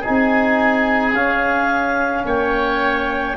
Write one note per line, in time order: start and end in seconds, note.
0.00 1.14 D#4
0.00 2.22 G#4
0.00 1.14 G#5
0.08 1.13 C4
1.13 2.24 C#4
1.13 3.37 C#4
1.13 2.25 F5
2.25 3.36 A#3
2.25 3.37 C#5
2.25 3.37 G5